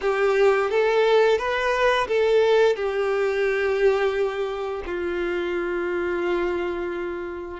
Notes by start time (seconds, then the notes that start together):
0.01 G4
0.70 A4
1.38 B4
2.07 A4
2.76 G4
4.85 F4